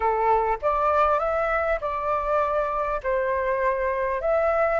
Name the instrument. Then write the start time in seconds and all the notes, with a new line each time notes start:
flute
0.00 A4
0.62 D5
1.19 E5
1.80 D5
3.03 C5
4.21 E5